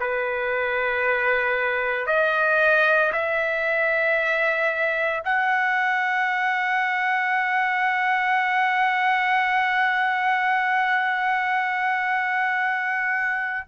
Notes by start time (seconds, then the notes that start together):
0.00 B4
2.07 D#5
3.13 E5
5.25 F#5